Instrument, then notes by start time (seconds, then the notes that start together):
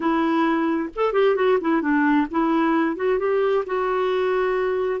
clarinet
0.00 E4
0.95 A4
1.12 G4
1.35 F#4
1.60 E4
1.81 D4
2.30 E4
2.96 F#4
3.18 G4
3.65 F#4